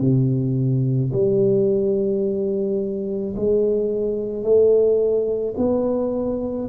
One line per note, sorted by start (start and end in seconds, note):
0.00 1.11 C3
1.13 3.35 G3
3.36 4.43 G#3
4.43 5.54 A3
5.57 6.68 B3